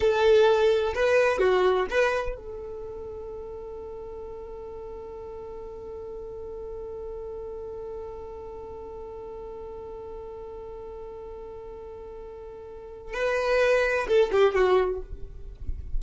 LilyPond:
\new Staff \with { instrumentName = "violin" } { \time 4/4 \tempo 4 = 128 a'2 b'4 fis'4 | b'4 a'2.~ | a'1~ | a'1~ |
a'1~ | a'1~ | a'1 | b'2 a'8 g'8 fis'4 | }